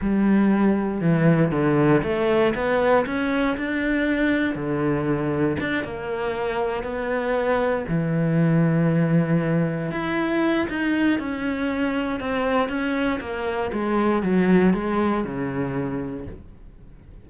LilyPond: \new Staff \with { instrumentName = "cello" } { \time 4/4 \tempo 4 = 118 g2 e4 d4 | a4 b4 cis'4 d'4~ | d'4 d2 d'8 ais8~ | ais4. b2 e8~ |
e2.~ e8 e'8~ | e'4 dis'4 cis'2 | c'4 cis'4 ais4 gis4 | fis4 gis4 cis2 | }